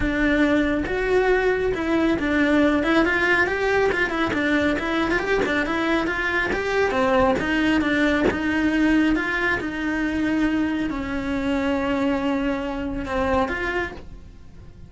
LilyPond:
\new Staff \with { instrumentName = "cello" } { \time 4/4 \tempo 4 = 138 d'2 fis'2 | e'4 d'4. e'8 f'4 | g'4 f'8 e'8 d'4 e'8. f'16 | g'8 d'8 e'4 f'4 g'4 |
c'4 dis'4 d'4 dis'4~ | dis'4 f'4 dis'2~ | dis'4 cis'2.~ | cis'2 c'4 f'4 | }